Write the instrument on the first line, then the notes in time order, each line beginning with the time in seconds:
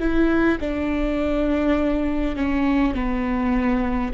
viola
0.00 E4
0.60 D4
2.36 C#4
2.95 B3